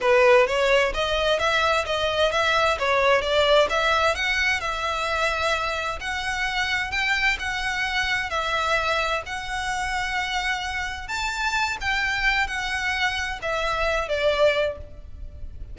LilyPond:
\new Staff \with { instrumentName = "violin" } { \time 4/4 \tempo 4 = 130 b'4 cis''4 dis''4 e''4 | dis''4 e''4 cis''4 d''4 | e''4 fis''4 e''2~ | e''4 fis''2 g''4 |
fis''2 e''2 | fis''1 | a''4. g''4. fis''4~ | fis''4 e''4. d''4. | }